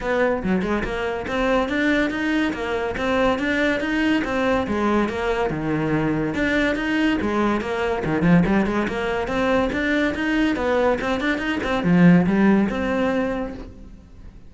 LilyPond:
\new Staff \with { instrumentName = "cello" } { \time 4/4 \tempo 4 = 142 b4 fis8 gis8 ais4 c'4 | d'4 dis'4 ais4 c'4 | d'4 dis'4 c'4 gis4 | ais4 dis2 d'4 |
dis'4 gis4 ais4 dis8 f8 | g8 gis8 ais4 c'4 d'4 | dis'4 b4 c'8 d'8 dis'8 c'8 | f4 g4 c'2 | }